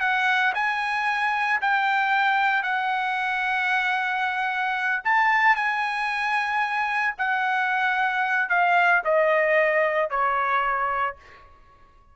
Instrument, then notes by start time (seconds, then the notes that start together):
trumpet
0.00 F#5
0.54 G#5
1.61 G5
2.63 F#5
5.04 A5
5.55 G#5
7.18 F#5
8.49 F5
9.04 D#5
10.10 C#5